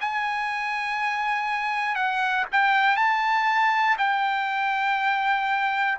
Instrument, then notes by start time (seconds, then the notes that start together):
trumpet
0.00 G#5
1.95 F#5
2.52 G5
2.96 A5
3.98 G5